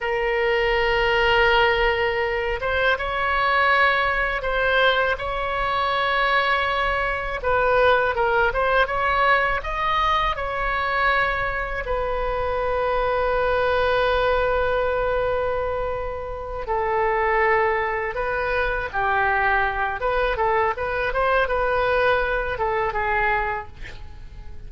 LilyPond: \new Staff \with { instrumentName = "oboe" } { \time 4/4 \tempo 4 = 81 ais'2.~ ais'8 c''8 | cis''2 c''4 cis''4~ | cis''2 b'4 ais'8 c''8 | cis''4 dis''4 cis''2 |
b'1~ | b'2~ b'8 a'4.~ | a'8 b'4 g'4. b'8 a'8 | b'8 c''8 b'4. a'8 gis'4 | }